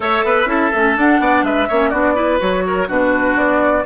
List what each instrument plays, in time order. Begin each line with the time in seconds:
0.00 bassoon A3, clarinet A4, oboe C#5, flute E5
0.23 bassoon B3, oboe B4
0.45 bassoon C#4, clarinet E4, oboe A4
0.74 bassoon A3, clarinet C#4
0.96 clarinet D4, bassoon D4, flute F#5
1.19 bassoon B3, oboe D5
1.43 bassoon G#3, oboe B4, flute E5
1.68 bassoon A#3, clarinet C#4, oboe C#5
1.89 bassoon B3, clarinet D4, oboe F#4, flute D5
2.15 clarinet E4, oboe B4
2.39 bassoon F#3, clarinet F#4, flute C#5
2.66 oboe A#4
2.87 bassoon B2, clarinet D4, oboe F#4, flute B4
3.36 bassoon B3, flute D5